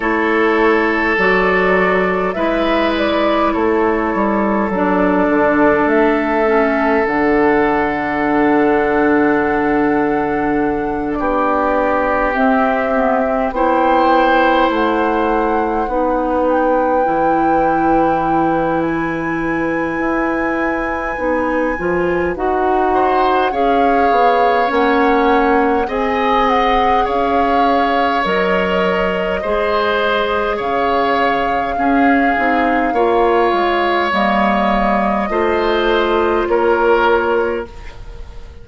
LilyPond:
<<
  \new Staff \with { instrumentName = "flute" } { \time 4/4 \tempo 4 = 51 cis''4 d''4 e''8 d''8 cis''4 | d''4 e''4 fis''2~ | fis''4. d''4 e''4 g''8~ | g''8 fis''4. g''2 |
gis''2. fis''4 | f''4 fis''4 gis''8 fis''8 f''4 | dis''2 f''2~ | f''4 dis''2 cis''4 | }
  \new Staff \with { instrumentName = "oboe" } { \time 4/4 a'2 b'4 a'4~ | a'1~ | a'4. g'2 c''8~ | c''4. b'2~ b'8~ |
b'2.~ b'8 c''8 | cis''2 dis''4 cis''4~ | cis''4 c''4 cis''4 gis'4 | cis''2 c''4 ais'4 | }
  \new Staff \with { instrumentName = "clarinet" } { \time 4/4 e'4 fis'4 e'2 | d'4. cis'8 d'2~ | d'2~ d'8 c'8 b16 c'16 e'8~ | e'4. dis'4 e'4.~ |
e'2 dis'8 f'8 fis'4 | gis'4 cis'4 gis'2 | ais'4 gis'2 cis'8 dis'8 | f'4 ais4 f'2 | }
  \new Staff \with { instrumentName = "bassoon" } { \time 4/4 a4 fis4 gis4 a8 g8 | fis8 d8 a4 d2~ | d4. b4 c'4 b8~ | b8 a4 b4 e4.~ |
e4 e'4 b8 f8 dis'4 | cis'8 b8 ais4 c'4 cis'4 | fis4 gis4 cis4 cis'8 c'8 | ais8 gis8 g4 a4 ais4 | }
>>